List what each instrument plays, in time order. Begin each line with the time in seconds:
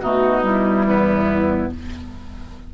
0.00 bassoon B2, clarinet A3, oboe D#4, flute F#4
0.42 clarinet G3, flute E4
0.86 bassoon E2, oboe B3